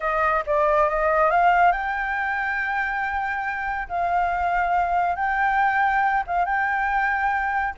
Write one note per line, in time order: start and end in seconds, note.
0.00 0.43 D#5
0.46 0.89 D5
0.89 1.30 D#5
1.30 1.71 F5
1.71 3.87 G5
3.88 5.15 F5
5.15 6.23 G5
6.26 6.45 F5
6.45 7.74 G5